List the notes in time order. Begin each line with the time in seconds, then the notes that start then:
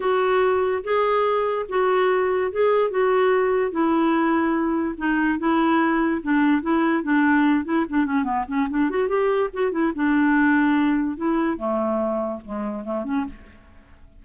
0.00 F#4
0.83 G#4
1.68 F#4
2.51 G#4
2.90 F#4
3.71 E4
4.97 D#4
5.38 E4
6.22 D4
6.62 E4
7.03 D4
7.64 E4
7.89 D4
8.05 C#4
8.24 B3
8.47 C#4
8.69 D4
8.89 F#4
9.08 G4
9.53 F#4
9.71 E4
9.95 D4
11.16 E4
11.57 A3
12.45 G#3
12.84 A3
13.04 C#4